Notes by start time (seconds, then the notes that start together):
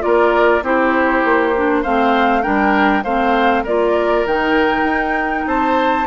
0.00 A#3 F4 A#4 D5
0.62 C4 E4 G4 C5
1.24 A#3
1.55 D4
1.81 A3 C4 C5 F5
2.42 G3 D4 A#4 G5
3.03 A3 C4 C5 F5
3.63 A#3 F4 A#4 D5
4.25 D#3 D#4 G5
4.83 D#4
5.46 C4 C5 A5